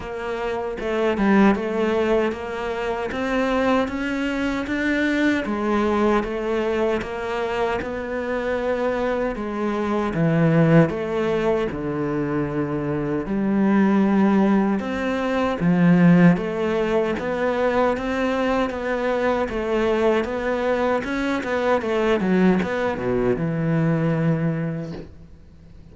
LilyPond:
\new Staff \with { instrumentName = "cello" } { \time 4/4 \tempo 4 = 77 ais4 a8 g8 a4 ais4 | c'4 cis'4 d'4 gis4 | a4 ais4 b2 | gis4 e4 a4 d4~ |
d4 g2 c'4 | f4 a4 b4 c'4 | b4 a4 b4 cis'8 b8 | a8 fis8 b8 b,8 e2 | }